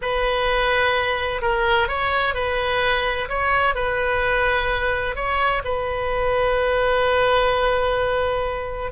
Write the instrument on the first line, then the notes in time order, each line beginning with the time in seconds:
oboe
0.01 B4
1.41 A#4
1.87 C#5
2.34 B4
3.28 C#5
3.75 B4
5.15 C#5
5.64 B4